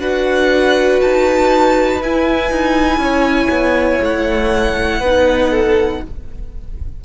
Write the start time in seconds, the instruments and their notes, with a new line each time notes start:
0.00 cello D4, viola F#4, violin B4 F#5
1.02 cello D#4, violin A5
2.02 cello E4, viola E4, violin G#5
2.51 cello D#4
2.98 cello C#4, violin C#5
3.50 cello B3
4.01 cello A3, violin F#5
5.01 cello B3, viola D#4, violin B4
5.50 violin A4